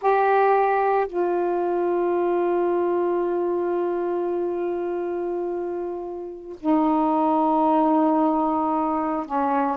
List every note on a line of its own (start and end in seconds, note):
0.01 1.07 G4
1.07 6.56 F4
6.60 9.26 D#4
9.26 9.77 C#4